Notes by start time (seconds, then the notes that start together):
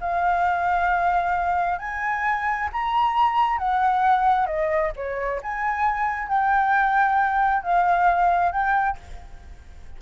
0.00 F5
1.78 G#5
2.72 A#5
3.57 F#5
4.46 D#5
4.95 C#5
5.42 G#5
6.27 G5
7.63 F5
8.52 G5